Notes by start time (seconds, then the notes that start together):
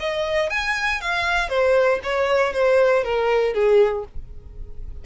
0.00 D#5
0.50 G#5
1.01 F5
1.49 C5
2.03 C#5
2.53 C5
3.04 A#4
3.54 G#4